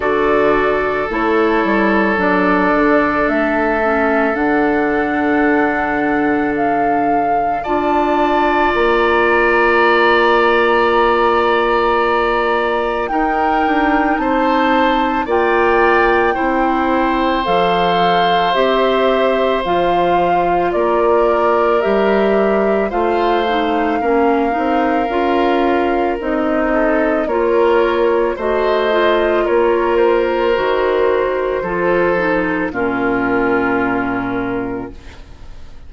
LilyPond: <<
  \new Staff \with { instrumentName = "flute" } { \time 4/4 \tempo 4 = 55 d''4 cis''4 d''4 e''4 | fis''2 f''4 a''4 | ais''1 | g''4 a''4 g''2 |
f''4 e''4 f''4 d''4 | e''4 f''2. | dis''4 cis''4 dis''4 cis''8 c''8~ | c''2 ais'2 | }
  \new Staff \with { instrumentName = "oboe" } { \time 4/4 a'1~ | a'2. d''4~ | d''1 | ais'4 c''4 d''4 c''4~ |
c''2. ais'4~ | ais'4 c''4 ais'2~ | ais'8 a'8 ais'4 c''4 ais'4~ | ais'4 a'4 f'2 | }
  \new Staff \with { instrumentName = "clarinet" } { \time 4/4 fis'4 e'4 d'4. cis'8 | d'2. f'4~ | f'1 | dis'2 f'4 e'4 |
a'4 g'4 f'2 | g'4 f'8 dis'8 cis'8 dis'8 f'4 | dis'4 f'4 fis'8 f'4. | fis'4 f'8 dis'8 cis'2 | }
  \new Staff \with { instrumentName = "bassoon" } { \time 4/4 d4 a8 g8 fis8 d8 a4 | d2. d'4 | ais1 | dis'8 d'8 c'4 ais4 c'4 |
f4 c'4 f4 ais4 | g4 a4 ais8 c'8 cis'4 | c'4 ais4 a4 ais4 | dis4 f4 ais,2 | }
>>